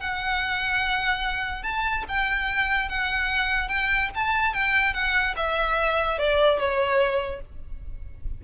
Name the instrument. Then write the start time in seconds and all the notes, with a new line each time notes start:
violin
0.00 F#5
1.63 A5
2.08 G5
2.88 F#5
3.68 G5
4.15 A5
4.53 G5
4.93 F#5
5.36 E5
6.18 D5
6.59 C#5